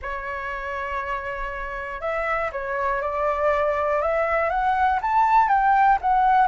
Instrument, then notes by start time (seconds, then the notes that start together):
flute
0.01 C#5
2.00 E5
2.52 C#5
3.01 D5
4.01 E5
4.49 F#5
5.01 A5
5.48 G5
6.01 F#5